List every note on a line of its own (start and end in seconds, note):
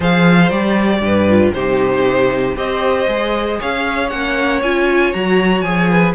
0.00 0.51 F3
0.00 0.51 G#4
0.00 1.01 C5
0.00 0.49 F5
0.49 1.00 G3
0.49 1.28 G4
0.49 1.51 D5
1.00 1.51 G2
1.00 1.54 B4
1.28 1.54 F4
1.53 2.55 C3
1.53 2.55 D#4
1.53 2.56 G4
1.53 2.56 C5
2.55 3.06 C4
2.55 3.06 G4
2.55 3.59 C5
2.55 3.59 D#5
3.07 3.59 G#3
3.07 4.09 G#4
3.59 4.11 C#4
3.59 5.90 C#5
3.59 4.09 F5
4.09 4.61 A#3
4.09 4.61 C#4
4.09 4.60 F#5
4.61 5.13 C#4
4.61 5.13 F4
4.61 5.13 G#5
5.13 5.62 F#3
5.13 5.64 F#4
5.13 5.61 A#5
5.61 6.13 F3
5.61 6.14 G#4
5.61 6.12 G#5
5.90 6.14 B4